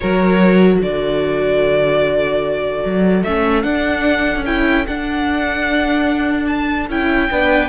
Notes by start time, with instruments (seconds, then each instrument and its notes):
0.00 cello F#3, viola F#4, violin A#4 C#5
0.77 cello D3, violin A4 D5
2.85 cello F#3
3.23 cello A3, viola C#4, violin E5
3.62 viola D4, cello D4, violin F#5
4.35 cello C#4
4.45 viola E4, violin G5
4.86 viola D4, cello D4, violin F#5
6.46 violin A5
6.89 cello C#4, viola E4, violin G5
7.30 cello B3, viola D4, violin B4